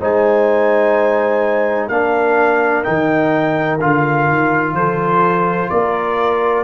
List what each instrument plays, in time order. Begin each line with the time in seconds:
0.00 tuba G#3, trombone D#4, horn C5, trumpet G#5
1.88 tuba A#3, trombone D4, horn A#4, trumpet F5
2.84 tuba D#3, trombone D#4, trumpet G5
3.80 tuba D3, trombone F4, trumpet F5
4.29 tuba D#3
4.73 tuba F3, horn A4, trumpet C5
5.69 tuba A#3, horn A#4, trumpet D5